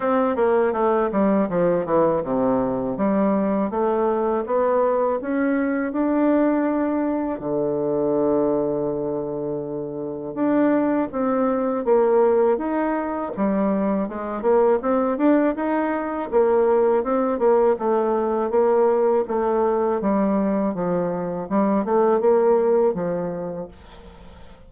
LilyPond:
\new Staff \with { instrumentName = "bassoon" } { \time 4/4 \tempo 4 = 81 c'8 ais8 a8 g8 f8 e8 c4 | g4 a4 b4 cis'4 | d'2 d2~ | d2 d'4 c'4 |
ais4 dis'4 g4 gis8 ais8 | c'8 d'8 dis'4 ais4 c'8 ais8 | a4 ais4 a4 g4 | f4 g8 a8 ais4 f4 | }